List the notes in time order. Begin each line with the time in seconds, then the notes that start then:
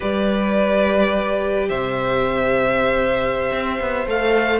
0.00 G3 G4 B4 D5
1.69 C3 C5 E5
3.51 C4
3.80 B3
4.06 A3 A4 F5